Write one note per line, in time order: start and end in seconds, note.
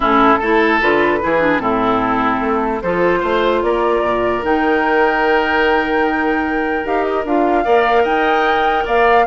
0.00 0.36 A2
0.00 0.39 C#4
0.00 0.38 E4
0.00 0.81 A4
0.38 0.81 A3
0.38 0.80 E4
0.38 1.19 A4
0.80 1.22 D3
0.80 1.21 F4
0.80 1.59 B4
1.21 1.59 E3
1.21 1.40 E4
1.21 1.61 G#4
1.40 1.59 D4
1.59 2.40 A2
1.59 2.80 C4
1.59 2.82 E4
1.59 2.80 A4
2.40 2.80 A3
2.82 3.22 F3
2.82 4.42 F4
2.82 3.19 A4
2.82 3.62 C5
3.19 3.62 A3
3.19 3.60 C5
3.62 4.01 A#3
3.62 7.64 A#4
3.62 4.43 D5
4.01 4.42 A#2
4.42 6.84 D#3
4.42 6.84 D#4
4.42 6.86 G5
6.84 7.24 D#4
6.84 7.24 G4
6.84 7.04 F5
7.04 7.24 D#5
7.24 7.65 D4
7.24 7.64 F4
7.24 8.04 F5
7.64 8.04 A#3
7.64 9.25 A#4
7.64 8.03 D5
8.03 8.85 D#4
8.03 8.83 D#5
8.03 8.85 G5
8.85 9.26 A#3
8.85 9.25 D5
8.85 9.26 F5